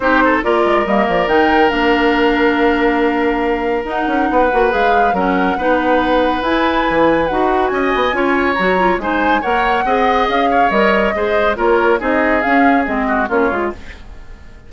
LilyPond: <<
  \new Staff \with { instrumentName = "flute" } { \time 4/4 \tempo 4 = 140 c''4 d''4 dis''8 d''8 g''4 | f''1~ | f''4 fis''2 f''4 | fis''2. gis''4~ |
gis''4 fis''4 gis''2 | ais''4 gis''4 fis''2 | f''4 dis''2 cis''4 | dis''4 f''4 dis''4 cis''4 | }
  \new Staff \with { instrumentName = "oboe" } { \time 4/4 g'8 a'8 ais'2.~ | ais'1~ | ais'2 b'2 | ais'4 b'2.~ |
b'2 dis''4 cis''4~ | cis''4 c''4 cis''4 dis''4~ | dis''8 cis''4. c''4 ais'4 | gis'2~ gis'8 fis'8 f'4 | }
  \new Staff \with { instrumentName = "clarinet" } { \time 4/4 dis'4 f'4 ais4 dis'4 | d'1~ | d'4 dis'4. fis'8 gis'4 | cis'4 dis'2 e'4~ |
e'4 fis'2 f'4 | fis'8 f'8 dis'4 ais'4 gis'4~ | gis'4 ais'4 gis'4 f'4 | dis'4 cis'4 c'4 cis'8 f'8 | }
  \new Staff \with { instrumentName = "bassoon" } { \time 4/4 c'4 ais8 gis8 g8 f8 dis4 | ais1~ | ais4 dis'8 cis'8 b8 ais8 gis4 | fis4 b2 e'4 |
e4 dis'4 cis'8 b8 cis'4 | fis4 gis4 ais4 c'4 | cis'4 g4 gis4 ais4 | c'4 cis'4 gis4 ais8 gis8 | }
>>